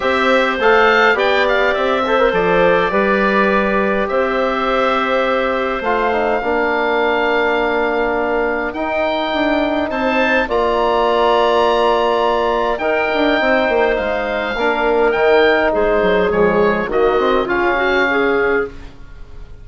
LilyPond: <<
  \new Staff \with { instrumentName = "oboe" } { \time 4/4 \tempo 4 = 103 e''4 f''4 g''8 f''8 e''4 | d''2. e''4~ | e''2 f''2~ | f''2. g''4~ |
g''4 a''4 ais''2~ | ais''2 g''2 | f''2 g''4 c''4 | cis''4 dis''4 f''2 | }
  \new Staff \with { instrumentName = "clarinet" } { \time 4/4 c''2 d''4. c''8~ | c''4 b'2 c''4~ | c''2. ais'4~ | ais'1~ |
ais'4 c''4 d''2~ | d''2 ais'4 c''4~ | c''4 ais'2 gis'4~ | gis'4 fis'4 f'8 fis'8 gis'4 | }
  \new Staff \with { instrumentName = "trombone" } { \time 4/4 g'4 a'4 g'4. a'16 ais'16 | a'4 g'2.~ | g'2 f'8 dis'8 d'4~ | d'2. dis'4~ |
dis'2 f'2~ | f'2 dis'2~ | dis'4 d'4 dis'2 | gis4 ais8 c'8 cis'2 | }
  \new Staff \with { instrumentName = "bassoon" } { \time 4/4 c'4 a4 b4 c'4 | f4 g2 c'4~ | c'2 a4 ais4~ | ais2. dis'4 |
d'4 c'4 ais2~ | ais2 dis'8 d'8 c'8 ais8 | gis4 ais4 dis4 gis8 fis8 | f4 dis4 cis2 | }
>>